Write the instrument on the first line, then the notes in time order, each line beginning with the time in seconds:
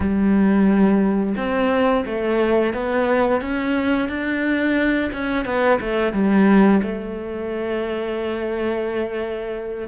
cello
0.00 G3
1.36 C4
2.05 A3
2.73 B3
3.41 C#4
4.08 D4
5.12 C#4
5.45 B3
5.80 A3
6.12 G3
6.82 A3